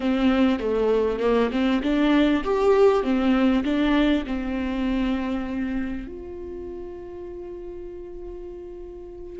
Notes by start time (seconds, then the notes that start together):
0.00 C4
0.59 A3
1.19 A#3
1.51 C4
1.82 D4
2.44 G4
3.03 C4
3.64 D4
4.26 C4
6.07 F4